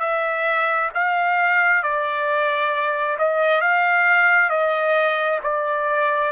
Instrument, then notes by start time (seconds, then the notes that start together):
trumpet
0.00 E5
0.94 F5
1.83 D5
3.18 D#5
3.61 F5
4.50 D#5
5.43 D5